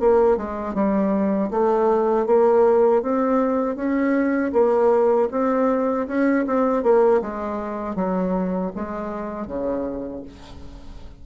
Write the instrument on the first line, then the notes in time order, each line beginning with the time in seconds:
bassoon
0.00 A#3
0.37 G#3
0.75 G3
1.51 A3
2.26 A#3
3.02 C4
3.76 C#4
4.53 A#3
5.31 C4
6.08 C#4
6.47 C4
6.83 A#3
7.22 G#3
7.95 F#3
8.75 G#3
9.47 C#3